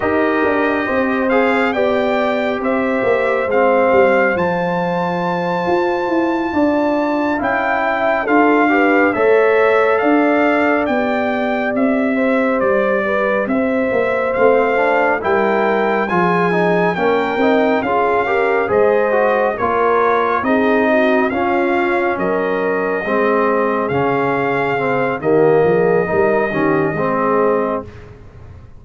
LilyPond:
<<
  \new Staff \with { instrumentName = "trumpet" } { \time 4/4 \tempo 4 = 69 dis''4. f''8 g''4 e''4 | f''4 a''2.~ | a''8 g''4 f''4 e''4 f''8~ | f''8 g''4 e''4 d''4 e''8~ |
e''8 f''4 g''4 gis''4 g''8~ | g''8 f''4 dis''4 cis''4 dis''8~ | dis''8 f''4 dis''2 f''8~ | f''4 dis''2. | }
  \new Staff \with { instrumentName = "horn" } { \time 4/4 ais'4 c''4 d''4 c''4~ | c''2.~ c''8 d''8~ | d''8 f''8 e''8 a'8 b'8 cis''4 d''8~ | d''2 c''4 b'8 c''8~ |
c''4. ais'4 gis'4 ais'8~ | ais'8 gis'8 ais'8 c''4 ais'4 gis'8 | fis'8 f'4 ais'4 gis'4.~ | gis'4 g'8 gis'8 ais'8 g'8 gis'4 | }
  \new Staff \with { instrumentName = "trombone" } { \time 4/4 g'4. gis'8 g'2 | c'4 f'2.~ | f'8 e'4 f'8 g'8 a'4.~ | a'8 g'2.~ g'8~ |
g'8 c'8 d'8 e'4 f'8 dis'8 cis'8 | dis'8 f'8 g'8 gis'8 fis'8 f'4 dis'8~ | dis'8 cis'2 c'4 cis'8~ | cis'8 c'8 ais4 dis'8 cis'8 c'4 | }
  \new Staff \with { instrumentName = "tuba" } { \time 4/4 dis'8 d'8 c'4 b4 c'8 ais8 | gis8 g8 f4. f'8 e'8 d'8~ | d'8 cis'4 d'4 a4 d'8~ | d'8 b4 c'4 g4 c'8 |
ais8 a4 g4 f4 ais8 | c'8 cis'4 gis4 ais4 c'8~ | c'8 cis'4 fis4 gis4 cis8~ | cis4 dis8 f8 g8 dis8 gis4 | }
>>